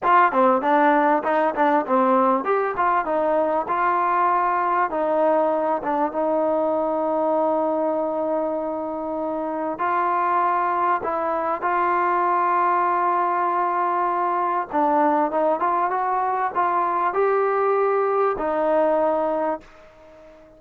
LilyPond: \new Staff \with { instrumentName = "trombone" } { \time 4/4 \tempo 4 = 98 f'8 c'8 d'4 dis'8 d'8 c'4 | g'8 f'8 dis'4 f'2 | dis'4. d'8 dis'2~ | dis'1 |
f'2 e'4 f'4~ | f'1 | d'4 dis'8 f'8 fis'4 f'4 | g'2 dis'2 | }